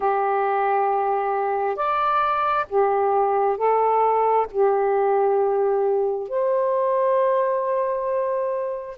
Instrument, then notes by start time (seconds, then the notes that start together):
saxophone
0.00 G4
1.76 D5
2.69 G4
3.57 A4
4.51 G4
6.28 C5